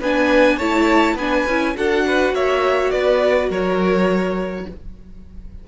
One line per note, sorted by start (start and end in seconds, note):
0.00 0.59 B3
0.00 0.60 D4
0.00 0.57 B4
0.00 0.58 G#5
0.57 1.13 A3
0.57 1.18 E4
0.57 1.15 C#5
0.57 1.16 A5
1.13 1.43 B3
1.13 1.48 D4
1.13 1.73 B4
1.13 1.76 G#5
1.46 1.75 C#4
1.46 1.75 E4
1.75 2.32 D4
1.75 4.66 F#4
1.75 2.06 A4
1.75 2.34 F#5
2.06 2.34 B4
2.32 2.90 A#3
2.32 2.92 C#5
2.32 2.90 E5
2.90 3.49 B3
2.90 3.49 B4
2.90 3.49 D5
3.49 4.66 F#3
3.49 4.65 A#4
3.49 4.68 C#5